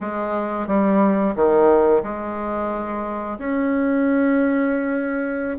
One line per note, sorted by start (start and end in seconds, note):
0.00 0.67 G#3
0.67 1.34 G3
1.35 2.03 D#3
2.03 3.38 G#3
3.38 5.57 C#4